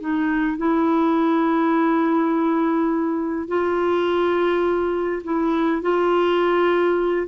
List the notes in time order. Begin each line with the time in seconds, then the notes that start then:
0.00 D#4
0.57 E4
3.48 F4
5.23 E4
5.81 F4